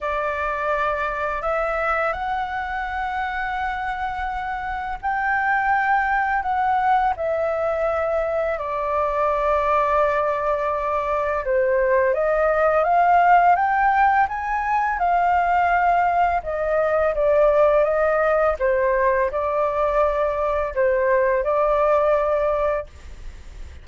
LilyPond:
\new Staff \with { instrumentName = "flute" } { \time 4/4 \tempo 4 = 84 d''2 e''4 fis''4~ | fis''2. g''4~ | g''4 fis''4 e''2 | d''1 |
c''4 dis''4 f''4 g''4 | gis''4 f''2 dis''4 | d''4 dis''4 c''4 d''4~ | d''4 c''4 d''2 | }